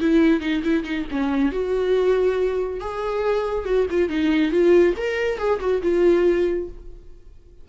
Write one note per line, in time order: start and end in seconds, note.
0.00 0.40 E4
0.40 0.62 D#4
0.63 0.84 E4
0.84 1.05 D#4
1.11 1.51 C#4
1.51 2.80 F#4
2.80 3.65 G#4
3.65 3.86 F#4
3.90 4.09 F4
4.09 4.51 D#4
4.51 4.94 F4
4.97 5.38 A#4
5.38 5.59 G#4
5.60 5.82 F#4
5.82 6.68 F4